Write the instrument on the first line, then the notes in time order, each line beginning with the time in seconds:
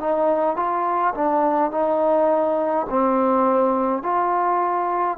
trombone
0.00 D#4
0.57 F4
1.15 D4
1.72 D#4
2.90 C4
4.03 F4